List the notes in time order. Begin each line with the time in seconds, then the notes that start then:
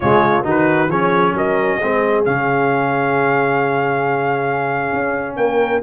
0.00 C#3 G#3 F4 C#5
0.43 D#3 D#4 F#4
0.49 B4
0.88 F3 C#4 G#4 C#5
1.33 F#3 A#4 D#5
1.77 G#3 C4 G#4
2.24 C#3 C#4 F5
4.92 C#4
5.36 A#3 A#4 G5